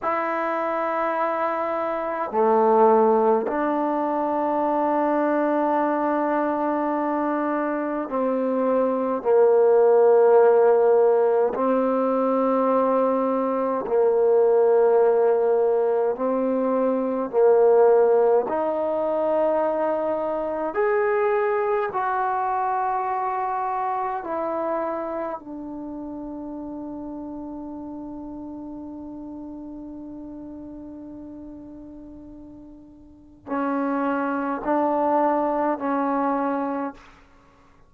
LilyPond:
\new Staff \with { instrumentName = "trombone" } { \time 4/4 \tempo 4 = 52 e'2 a4 d'4~ | d'2. c'4 | ais2 c'2 | ais2 c'4 ais4 |
dis'2 gis'4 fis'4~ | fis'4 e'4 d'2~ | d'1~ | d'4 cis'4 d'4 cis'4 | }